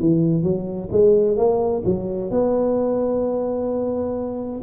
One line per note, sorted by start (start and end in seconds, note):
0.00 0.43 E3
0.43 0.89 F#3
0.91 1.37 G#3
1.37 1.83 A#3
1.85 2.31 F#3
2.31 4.62 B3